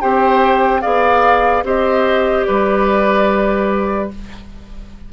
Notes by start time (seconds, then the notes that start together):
0.00 C4 G4 C5 G5
0.81 B3 G#4 D5 F5
1.63 C4 G4 C5 D#5
2.44 G3 B4 D5